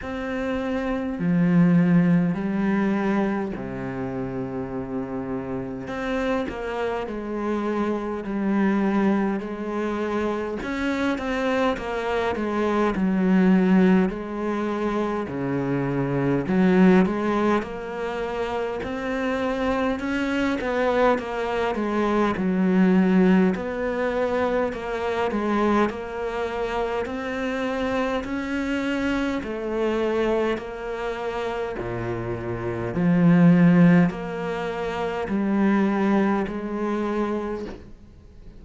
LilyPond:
\new Staff \with { instrumentName = "cello" } { \time 4/4 \tempo 4 = 51 c'4 f4 g4 c4~ | c4 c'8 ais8 gis4 g4 | gis4 cis'8 c'8 ais8 gis8 fis4 | gis4 cis4 fis8 gis8 ais4 |
c'4 cis'8 b8 ais8 gis8 fis4 | b4 ais8 gis8 ais4 c'4 | cis'4 a4 ais4 ais,4 | f4 ais4 g4 gis4 | }